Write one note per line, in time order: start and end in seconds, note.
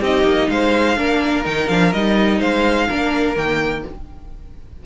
0.00 0.23 C4
0.00 0.96 D#4
0.00 0.48 G4
0.00 0.49 D#5
0.23 0.47 A#3
0.49 0.97 G#3
0.49 0.97 C5
0.49 1.45 F5
0.96 1.45 A#3
0.96 1.44 D4
0.96 2.38 A#4
1.44 1.69 D#3
1.44 1.68 D#4
1.44 1.68 G5
1.68 1.93 F3
1.68 1.94 D4
1.68 1.92 F5
1.92 2.40 G3
1.92 2.89 D#4
1.92 2.40 D#5
2.38 2.88 G#3
2.38 2.86 C5
2.38 3.36 F5
2.88 3.35 A#3
2.88 3.35 D4
2.88 3.84 A#4
3.35 3.83 D#3
3.35 3.83 A#3
3.35 3.85 G5